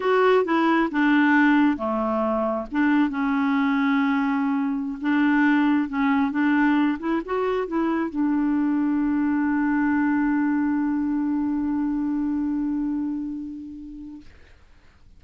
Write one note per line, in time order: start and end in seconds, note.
0.00 0.44 F#4
0.44 0.89 E4
0.91 1.77 D4
1.77 2.66 A3
2.71 3.09 D4
3.09 4.98 C#4
5.01 5.88 D4
5.88 6.31 C#4
6.31 6.98 D4
6.99 7.21 E4
7.25 7.67 F#4
7.67 8.09 E4
8.09 14.21 D4